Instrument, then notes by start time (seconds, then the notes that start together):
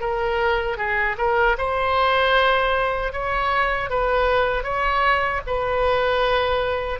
oboe
0.00 A#4
0.77 G#4
1.18 A#4
1.58 C5
3.12 C#5
3.90 B4
4.63 C#5
5.47 B4